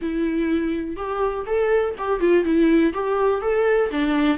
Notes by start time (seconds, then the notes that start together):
0.01 E4
0.96 G4
1.46 A4
1.98 G4
2.20 F4
2.44 E4
2.93 G4
3.41 A4
3.90 D4